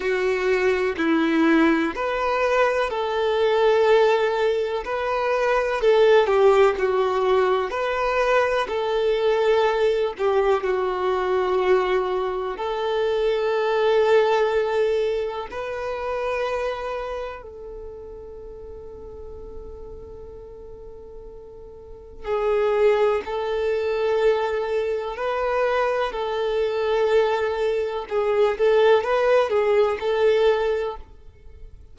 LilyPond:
\new Staff \with { instrumentName = "violin" } { \time 4/4 \tempo 4 = 62 fis'4 e'4 b'4 a'4~ | a'4 b'4 a'8 g'8 fis'4 | b'4 a'4. g'8 fis'4~ | fis'4 a'2. |
b'2 a'2~ | a'2. gis'4 | a'2 b'4 a'4~ | a'4 gis'8 a'8 b'8 gis'8 a'4 | }